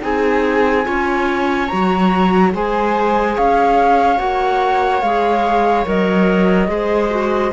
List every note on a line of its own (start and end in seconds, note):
0.00 0.87 C4
0.00 0.83 D#4
0.00 0.86 G#4
0.00 1.67 G#5
0.84 1.71 C#4
0.84 1.67 F4
0.84 2.52 C#5
1.67 2.54 F#3
1.67 2.52 F#4
1.67 2.51 A#5
2.52 3.37 G#3
2.52 4.16 G#4
2.52 3.35 C5
2.52 3.37 G#5
3.35 4.19 C#4
3.35 6.69 C#5
3.35 4.18 F5
4.16 5.02 A#3
4.16 5.00 F#4
4.16 5.01 F#5
5.01 5.85 G#3
5.01 5.85 G#4
5.01 5.85 F5
5.85 6.68 F#3
5.85 6.67 A#4
5.85 7.53 D#5
6.67 7.51 G#3
6.67 7.09 G#4
6.67 7.53 C5
7.09 7.51 F#4